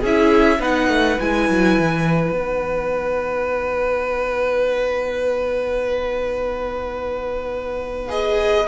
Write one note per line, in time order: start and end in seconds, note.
0.00 0.60 C#4
0.00 0.58 G#4
0.00 0.63 E5
0.07 0.60 E4
0.60 0.88 B3
0.60 1.18 D#4
0.60 8.68 B4
0.60 1.20 F#5
0.88 1.17 A3
1.20 1.50 G#3
1.20 2.34 E4
1.20 2.34 G#5
1.50 1.78 F#3
1.79 2.32 E3
2.32 8.66 B3
2.32 8.09 D#4
2.32 8.10 F#5
8.09 8.67 G#4
8.09 8.68 D#5